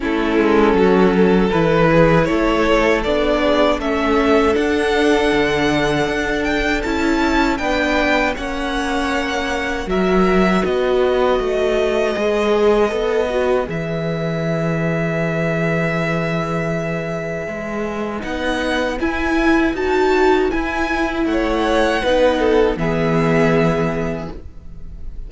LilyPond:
<<
  \new Staff \with { instrumentName = "violin" } { \time 4/4 \tempo 4 = 79 a'2 b'4 cis''4 | d''4 e''4 fis''2~ | fis''8 g''8 a''4 g''4 fis''4~ | fis''4 e''4 dis''2~ |
dis''2 e''2~ | e''1 | fis''4 gis''4 a''4 gis''4 | fis''2 e''2 | }
  \new Staff \with { instrumentName = "violin" } { \time 4/4 e'4 fis'8 a'4 gis'8 a'4~ | a'8 gis'8 a'2.~ | a'2 b'4 cis''4~ | cis''4 ais'4 b'2~ |
b'1~ | b'1~ | b'1 | cis''4 b'8 a'8 gis'2 | }
  \new Staff \with { instrumentName = "viola" } { \time 4/4 cis'2 e'2 | d'4 cis'4 d'2~ | d'4 e'4 d'4 cis'4~ | cis'4 fis'2. |
gis'4 a'8 fis'8 gis'2~ | gis'1 | dis'4 e'4 fis'4 e'4~ | e'4 dis'4 b2 | }
  \new Staff \with { instrumentName = "cello" } { \time 4/4 a8 gis8 fis4 e4 a4 | b4 a4 d'4 d4 | d'4 cis'4 b4 ais4~ | ais4 fis4 b4 a4 |
gis4 b4 e2~ | e2. gis4 | b4 e'4 dis'4 e'4 | a4 b4 e2 | }
>>